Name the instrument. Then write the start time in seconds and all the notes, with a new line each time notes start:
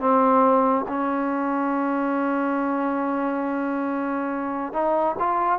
trombone
0.00 C4
0.88 C#4
4.73 D#4
5.19 F4